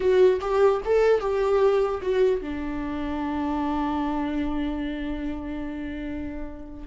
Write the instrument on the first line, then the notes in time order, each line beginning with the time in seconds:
viola
0.00 F#4
0.41 G4
0.85 A4
1.20 G4
2.02 F#4
2.41 D4